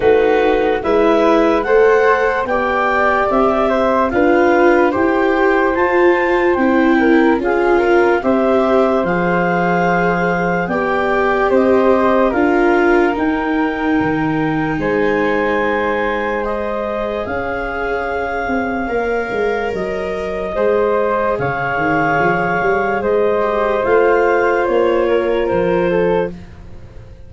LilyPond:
<<
  \new Staff \with { instrumentName = "clarinet" } { \time 4/4 \tempo 4 = 73 b'4 e''4 fis''4 g''4 | e''4 f''4 g''4 a''4 | g''4 f''4 e''4 f''4~ | f''4 g''4 dis''4 f''4 |
g''2 gis''2 | dis''4 f''2. | dis''2 f''2 | dis''4 f''4 cis''4 c''4 | }
  \new Staff \with { instrumentName = "flute" } { \time 4/4 fis'4 b'4 c''4 d''4~ | d''8 c''8 b'4 c''2~ | c''8 ais'8 gis'8 ais'8 c''2~ | c''4 d''4 c''4 ais'4~ |
ais'2 c''2~ | c''4 cis''2.~ | cis''4 c''4 cis''2 | c''2~ c''8 ais'4 a'8 | }
  \new Staff \with { instrumentName = "viola" } { \time 4/4 dis'4 e'4 a'4 g'4~ | g'4 f'4 g'4 f'4 | e'4 f'4 g'4 gis'4~ | gis'4 g'2 f'4 |
dis'1 | gis'2. ais'4~ | ais'4 gis'2.~ | gis'8 g'8 f'2. | }
  \new Staff \with { instrumentName = "tuba" } { \time 4/4 a4 gis4 a4 b4 | c'4 d'4 e'4 f'4 | c'4 cis'4 c'4 f4~ | f4 b4 c'4 d'4 |
dis'4 dis4 gis2~ | gis4 cis'4. c'8 ais8 gis8 | fis4 gis4 cis8 dis8 f8 g8 | gis4 a4 ais4 f4 | }
>>